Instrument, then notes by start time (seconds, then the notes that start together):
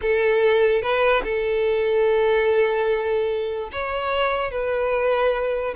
violin
0.01 A4
0.81 B4
1.23 A4
3.72 C#5
4.51 B4